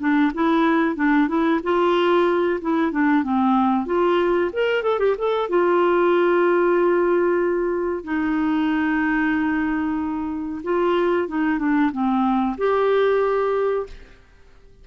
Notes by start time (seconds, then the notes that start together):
0.00 D4
0.34 E4
0.96 D4
1.28 E4
1.64 F4
2.62 E4
2.92 D4
3.24 C4
3.87 F4
4.53 A#4
4.83 A4
5.00 G4
5.18 A4
5.50 F4
8.05 D#4
10.64 F4
11.28 D#4
11.59 D4
11.92 C4
12.58 G4